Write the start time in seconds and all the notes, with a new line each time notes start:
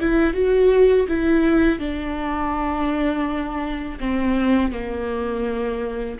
0.00 E4
0.34 F#4
1.08 E4
1.79 D4
4.00 C4
4.72 A#3